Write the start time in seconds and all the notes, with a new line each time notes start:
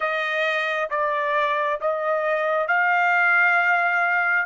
0.00 D#5
0.90 D5
1.80 D#5
2.67 F5